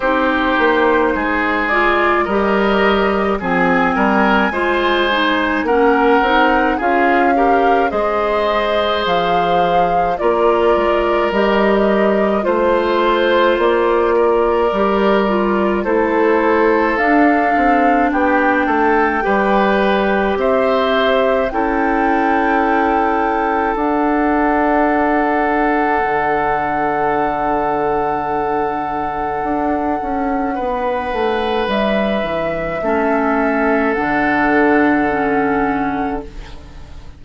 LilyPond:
<<
  \new Staff \with { instrumentName = "flute" } { \time 4/4 \tempo 4 = 53 c''4. d''8 dis''4 gis''4~ | gis''4 fis''4 f''4 dis''4 | f''4 d''4 dis''4 c''4 | d''2 c''4 f''4 |
g''2 e''4 g''4~ | g''4 fis''2.~ | fis''1 | e''2 fis''2 | }
  \new Staff \with { instrumentName = "oboe" } { \time 4/4 g'4 gis'4 ais'4 gis'8 ais'8 | c''4 ais'4 gis'8 ais'8 c''4~ | c''4 ais'2 c''4~ | c''8 ais'4. a'2 |
g'8 a'8 b'4 c''4 a'4~ | a'1~ | a'2. b'4~ | b'4 a'2. | }
  \new Staff \with { instrumentName = "clarinet" } { \time 4/4 dis'4. f'8 g'4 c'4 | f'8 dis'8 cis'8 dis'8 f'8 g'8 gis'4~ | gis'4 f'4 g'4 f'4~ | f'4 g'8 f'8 e'4 d'4~ |
d'4 g'2 e'4~ | e'4 d'2.~ | d'1~ | d'4 cis'4 d'4 cis'4 | }
  \new Staff \with { instrumentName = "bassoon" } { \time 4/4 c'8 ais8 gis4 g4 f8 g8 | gis4 ais8 c'8 cis'4 gis4 | f4 ais8 gis8 g4 a4 | ais4 g4 a4 d'8 c'8 |
b8 a8 g4 c'4 cis'4~ | cis'4 d'2 d4~ | d2 d'8 cis'8 b8 a8 | g8 e8 a4 d2 | }
>>